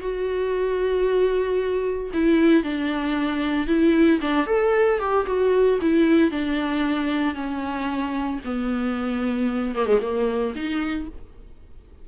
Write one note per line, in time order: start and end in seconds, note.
0.00 2.11 F#4
2.13 2.63 E4
2.63 3.67 D4
3.67 4.20 E4
4.21 4.46 D4
4.46 4.99 A4
4.99 5.26 G4
5.26 5.79 F#4
5.82 6.31 E4
6.31 7.34 D4
7.34 8.40 C#4
8.44 9.75 B3
9.75 9.86 A#3
9.86 9.99 G#3
10.01 10.54 A#3
10.55 11.08 D#4